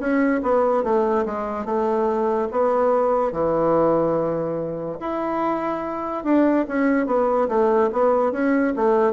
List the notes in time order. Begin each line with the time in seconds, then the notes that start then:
0.00 C#4
0.43 B3
0.84 A3
1.26 G#3
1.66 A3
2.52 B3
3.32 E3
5.00 E4
6.24 D4
6.69 C#4
7.07 B3
7.49 A3
7.93 B3
8.32 C#4
8.77 A3